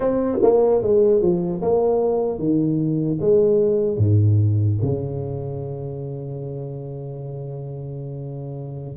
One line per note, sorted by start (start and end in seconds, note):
0.00 0.38 C4
0.42 0.82 A#3
0.82 1.21 G#3
1.21 1.61 F3
1.61 2.39 A#3
2.39 3.19 D#3
3.20 3.97 G#3
3.97 4.77 G#2
4.81 8.97 C#3